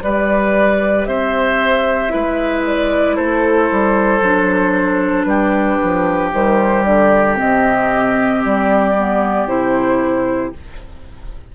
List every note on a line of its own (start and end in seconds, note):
0.00 1.07 G3
0.00 2.09 G4
0.00 1.08 B4
0.00 1.05 D5
1.05 2.12 C4
1.05 2.13 C5
1.05 2.63 E5
2.09 3.18 G#3
2.09 4.20 E4
2.09 3.16 B4
2.66 3.16 D5
3.16 3.70 A3
3.16 5.27 A4
3.16 5.24 C5
3.71 4.21 G3
4.21 5.25 F#3
4.21 6.33 D4
5.24 5.78 G3
5.24 10.55 G4
5.24 6.29 B4
5.83 6.33 F3
6.33 6.85 D#3
6.33 7.37 G3
6.33 6.83 C5
6.83 7.38 D3
6.83 7.36 D5
7.37 8.45 C3
7.37 8.95 C4
7.37 8.44 D#5
8.45 9.46 G3
8.45 9.48 D5
8.97 9.48 B3
9.46 10.52 C3
9.46 10.53 E4
9.46 10.53 C5